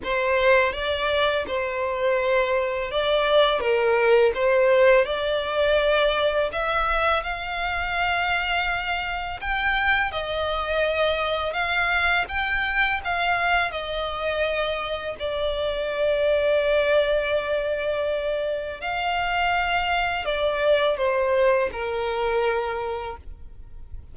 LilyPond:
\new Staff \with { instrumentName = "violin" } { \time 4/4 \tempo 4 = 83 c''4 d''4 c''2 | d''4 ais'4 c''4 d''4~ | d''4 e''4 f''2~ | f''4 g''4 dis''2 |
f''4 g''4 f''4 dis''4~ | dis''4 d''2.~ | d''2 f''2 | d''4 c''4 ais'2 | }